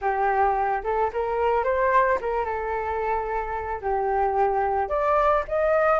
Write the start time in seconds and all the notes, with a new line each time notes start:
0.01 G4
0.83 A4
1.13 A#4
1.63 C5
2.20 A#4
2.44 A4
3.81 G4
4.88 D5
5.48 D#5